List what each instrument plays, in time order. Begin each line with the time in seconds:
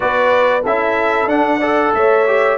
0.00 tuba B3, trombone F#4, horn B4, trumpet D5
0.62 tuba C#4, trombone E4, horn A4, trumpet E5
1.26 tuba D4, trombone D4, trumpet F#5
1.59 trombone A4, horn D5
1.94 tuba A3, horn C#5, trumpet E5
2.27 trombone G4